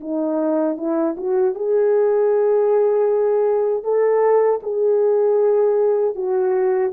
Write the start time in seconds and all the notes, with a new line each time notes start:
0.00 D#4
0.77 E4
1.17 F#4
1.55 G#4
3.83 A4
4.63 G#4
6.15 F#4